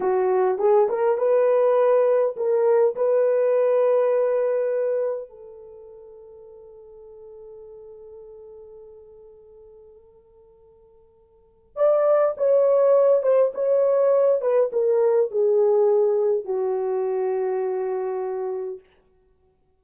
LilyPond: \new Staff \with { instrumentName = "horn" } { \time 4/4 \tempo 4 = 102 fis'4 gis'8 ais'8 b'2 | ais'4 b'2.~ | b'4 a'2.~ | a'1~ |
a'1 | d''4 cis''4. c''8 cis''4~ | cis''8 b'8 ais'4 gis'2 | fis'1 | }